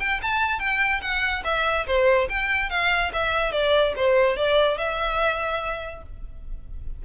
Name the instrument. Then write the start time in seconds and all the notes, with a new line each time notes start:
violin
0.00 G5
0.22 A5
0.60 G5
1.02 F#5
1.45 E5
1.87 C5
2.30 G5
2.70 F5
3.13 E5
3.52 D5
3.96 C5
4.37 D5
4.78 E5